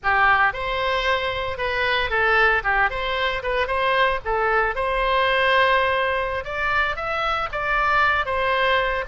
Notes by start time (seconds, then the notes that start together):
0.03 G4
0.53 C5
1.57 B4
2.10 A4
2.63 G4
2.89 C5
3.42 B4
3.67 C5
4.24 A4
4.75 C5
6.44 D5
6.96 E5
7.51 D5
8.25 C5